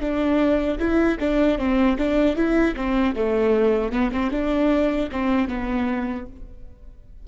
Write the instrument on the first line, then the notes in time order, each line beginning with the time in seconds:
viola
0.00 D4
0.78 E4
1.19 D4
1.58 C4
1.97 D4
2.36 E4
2.76 C4
3.15 A3
3.91 B3
4.12 C4
4.30 D4
5.11 C4
5.48 B3